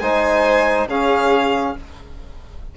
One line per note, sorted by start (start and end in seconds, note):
0.00 0.87 G#3
0.00 0.90 D#4
0.00 0.89 C5
0.00 0.87 G#5
0.87 1.74 C#3
0.87 1.77 C#4
0.87 1.76 G#4
0.87 1.77 F5